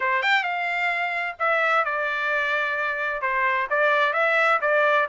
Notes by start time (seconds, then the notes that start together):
0.00 C5
0.22 G5
0.43 F5
1.39 E5
1.84 D5
3.21 C5
3.69 D5
4.13 E5
4.61 D5